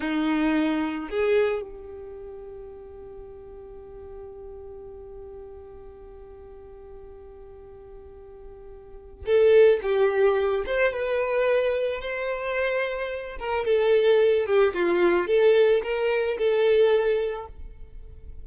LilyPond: \new Staff \with { instrumentName = "violin" } { \time 4/4 \tempo 4 = 110 dis'2 gis'4 g'4~ | g'1~ | g'1~ | g'1~ |
g'4 a'4 g'4. c''8 | b'2 c''2~ | c''8 ais'8 a'4. g'8 f'4 | a'4 ais'4 a'2 | }